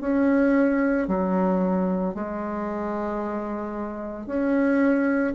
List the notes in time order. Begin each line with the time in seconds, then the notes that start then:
0.00 C#4
1.07 F#3
2.14 G#3
4.26 C#4